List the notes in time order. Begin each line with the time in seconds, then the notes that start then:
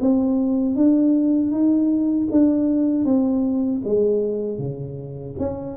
0.00 C4
0.76 D4
1.51 D#4
2.31 D4
3.05 C4
3.84 G#3
4.58 C#3
5.38 C#4